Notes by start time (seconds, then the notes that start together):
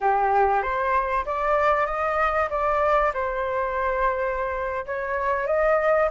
0.00 G4
0.62 C5
1.25 D5
1.86 D#5
2.49 D5
3.13 C5
4.86 C#5
5.47 D#5